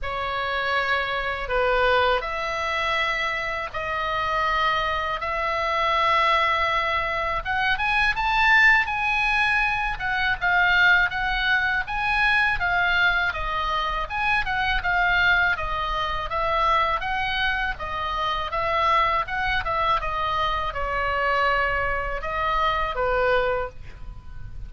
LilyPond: \new Staff \with { instrumentName = "oboe" } { \time 4/4 \tempo 4 = 81 cis''2 b'4 e''4~ | e''4 dis''2 e''4~ | e''2 fis''8 gis''8 a''4 | gis''4. fis''8 f''4 fis''4 |
gis''4 f''4 dis''4 gis''8 fis''8 | f''4 dis''4 e''4 fis''4 | dis''4 e''4 fis''8 e''8 dis''4 | cis''2 dis''4 b'4 | }